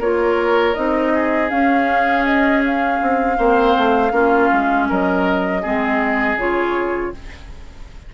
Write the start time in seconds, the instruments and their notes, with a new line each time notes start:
0.00 bassoon A#3, clarinet F4, oboe A#4, flute C#5
0.75 bassoon C4, clarinet D#4, flute D#5
1.14 oboe G#4
1.49 clarinet C#4, bassoon C#4, flute F5
2.26 flute D#5
2.65 flute F5
3.01 bassoon C4
3.37 bassoon A#3, clarinet C4, oboe C5
3.78 bassoon A3
4.11 bassoon A#3, clarinet C#4, oboe F4
4.53 bassoon G#3
4.89 bassoon F#3, oboe A#4, flute D#5
5.62 bassoon G#3, clarinet C4, oboe G#4
6.36 bassoon C#3, clarinet F4, flute C#5